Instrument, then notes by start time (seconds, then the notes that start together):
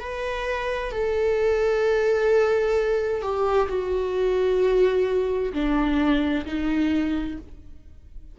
viola
0.00 B4
0.92 A4
3.22 G4
3.68 F#4
5.53 D4
6.46 D#4